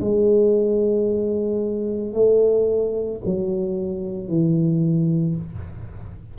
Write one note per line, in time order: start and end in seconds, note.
0.00 2.13 G#3
2.13 3.20 A3
3.25 4.28 F#3
4.28 5.35 E3